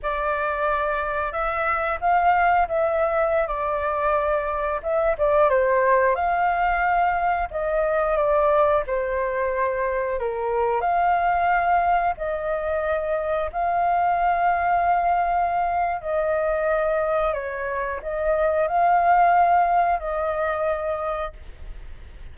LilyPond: \new Staff \with { instrumentName = "flute" } { \time 4/4 \tempo 4 = 90 d''2 e''4 f''4 | e''4~ e''16 d''2 e''8 d''16~ | d''16 c''4 f''2 dis''8.~ | dis''16 d''4 c''2 ais'8.~ |
ais'16 f''2 dis''4.~ dis''16~ | dis''16 f''2.~ f''8. | dis''2 cis''4 dis''4 | f''2 dis''2 | }